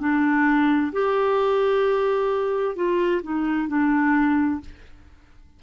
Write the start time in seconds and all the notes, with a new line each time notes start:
0.00 D4
0.93 G4
2.76 F4
3.23 D#4
3.68 D4